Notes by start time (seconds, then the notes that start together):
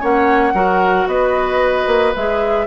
0.00 A#3 C#4 C#5 F#5
0.53 F#3 F#4 A#4
1.07 B3 B4 D#5
1.87 A#3
2.15 G#3 G#4 E5